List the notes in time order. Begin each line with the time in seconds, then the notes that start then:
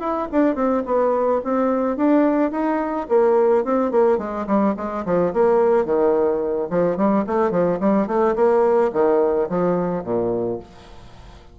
0.00 E4
0.32 D4
0.55 C4
0.86 B3
1.44 C4
1.97 D4
2.51 D#4
3.09 A#3
3.65 C4
3.91 A#3
4.18 G#3
4.47 G3
4.77 G#3
5.05 F3
5.33 A#3
5.85 D#3
6.70 F3
6.97 G3
7.27 A3
7.51 F3
7.80 G3
8.07 A3
8.36 A#3
8.93 D#3
9.49 F3
10.04 A#2